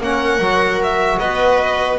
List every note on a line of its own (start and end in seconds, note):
0.00 0.39 A#3
0.00 0.41 C#4
0.00 1.20 A#4
0.00 0.82 F#5
0.39 1.18 F#3
0.39 1.99 F#4
0.83 1.19 E5
1.19 1.98 B3
1.19 1.99 B4
1.19 1.98 D#5